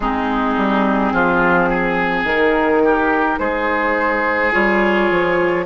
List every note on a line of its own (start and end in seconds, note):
0.00 0.56 G#3
0.00 2.28 C4
0.00 1.13 D#4
0.00 2.26 G#4
0.56 1.12 G3
1.12 2.23 F3
1.12 1.69 F4
1.69 2.82 G#4
2.23 3.37 D#3
2.23 4.52 D#4
2.23 3.38 A#4
2.84 3.39 G4
3.38 4.52 G#3
3.38 5.65 G#4
3.38 4.52 C5
4.52 5.10 G3
4.52 5.65 F4
4.52 5.65 C#5
5.10 5.65 F3